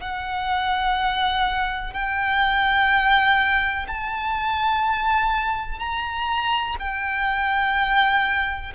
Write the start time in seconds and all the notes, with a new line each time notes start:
0.00 F#5
1.93 G5
3.87 A5
5.79 A#5
6.79 G5